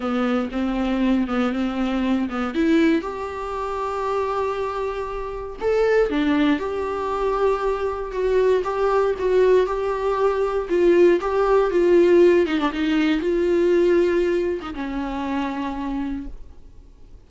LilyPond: \new Staff \with { instrumentName = "viola" } { \time 4/4 \tempo 4 = 118 b4 c'4. b8 c'4~ | c'8 b8 e'4 g'2~ | g'2. a'4 | d'4 g'2. |
fis'4 g'4 fis'4 g'4~ | g'4 f'4 g'4 f'4~ | f'8 dis'16 d'16 dis'4 f'2~ | f'8. dis'16 cis'2. | }